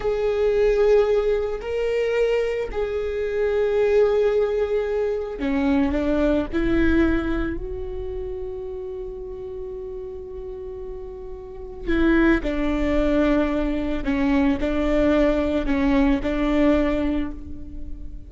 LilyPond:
\new Staff \with { instrumentName = "viola" } { \time 4/4 \tempo 4 = 111 gis'2. ais'4~ | ais'4 gis'2.~ | gis'2 cis'4 d'4 | e'2 fis'2~ |
fis'1~ | fis'2 e'4 d'4~ | d'2 cis'4 d'4~ | d'4 cis'4 d'2 | }